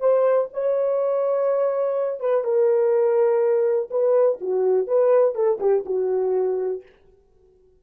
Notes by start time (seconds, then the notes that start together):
0.00 C5
0.53 C#5
2.20 B4
2.44 A#4
3.91 B4
4.41 F#4
4.87 B4
5.35 A4
5.60 G4
5.86 F#4